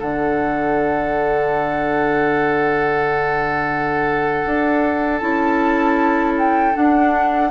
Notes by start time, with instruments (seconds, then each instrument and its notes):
0.00 bassoon D3, clarinet D4, oboe A4, flute F#5
4.46 bassoon D4
5.18 bassoon C#4, clarinet E4, flute A5
6.38 flute G5
6.74 clarinet D4, bassoon D4, flute F#5